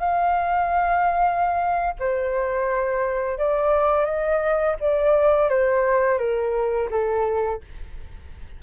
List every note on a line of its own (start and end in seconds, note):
0.00 1.94 F5
2.00 3.39 C5
3.39 4.05 D5
4.05 4.76 D#5
4.80 5.50 D5
5.50 6.19 C5
6.19 6.89 A#4
6.90 7.61 A4